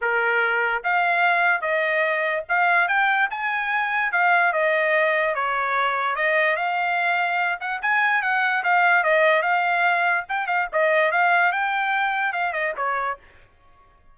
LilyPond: \new Staff \with { instrumentName = "trumpet" } { \time 4/4 \tempo 4 = 146 ais'2 f''2 | dis''2 f''4 g''4 | gis''2 f''4 dis''4~ | dis''4 cis''2 dis''4 |
f''2~ f''8 fis''8 gis''4 | fis''4 f''4 dis''4 f''4~ | f''4 g''8 f''8 dis''4 f''4 | g''2 f''8 dis''8 cis''4 | }